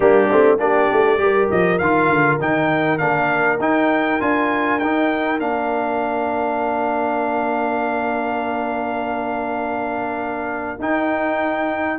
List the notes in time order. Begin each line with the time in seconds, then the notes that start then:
0.00 G3 A#3 D4 G4
0.31 A3 C4
0.58 A#3 D4 G4 D5
0.92 A3
1.18 G3 G4 A#4
1.51 F3 D#5
1.78 D#3 F4 F5
2.09 D3
2.40 D#3 D#4 G5
2.98 A#3 D4 F5
3.59 D#4 G5
4.20 D4 F4 G#5
4.79 D#4 G5
5.38 A#3 D4 F5
10.79 D#4 G5